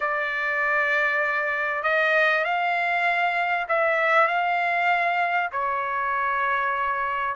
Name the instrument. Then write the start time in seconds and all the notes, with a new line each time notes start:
trumpet
0.00 D5
1.83 D#5
2.44 F5
3.68 E5
4.27 F5
5.51 C#5